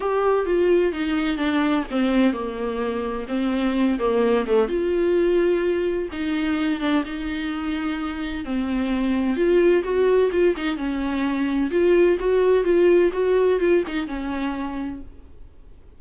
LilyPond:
\new Staff \with { instrumentName = "viola" } { \time 4/4 \tempo 4 = 128 g'4 f'4 dis'4 d'4 | c'4 ais2 c'4~ | c'8 ais4 a8 f'2~ | f'4 dis'4. d'8 dis'4~ |
dis'2 c'2 | f'4 fis'4 f'8 dis'8 cis'4~ | cis'4 f'4 fis'4 f'4 | fis'4 f'8 dis'8 cis'2 | }